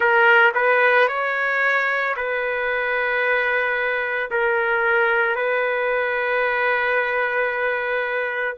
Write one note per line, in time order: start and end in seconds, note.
0.00 0.52 A#4
0.54 1.08 B4
1.08 2.15 C#5
2.16 4.30 B4
4.31 5.35 A#4
5.35 8.57 B4